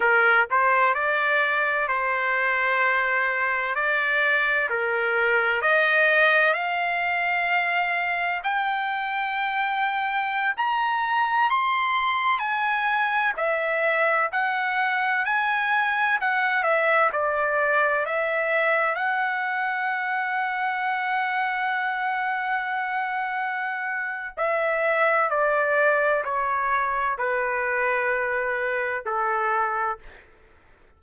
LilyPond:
\new Staff \with { instrumentName = "trumpet" } { \time 4/4 \tempo 4 = 64 ais'8 c''8 d''4 c''2 | d''4 ais'4 dis''4 f''4~ | f''4 g''2~ g''16 ais''8.~ | ais''16 c'''4 gis''4 e''4 fis''8.~ |
fis''16 gis''4 fis''8 e''8 d''4 e''8.~ | e''16 fis''2.~ fis''8.~ | fis''2 e''4 d''4 | cis''4 b'2 a'4 | }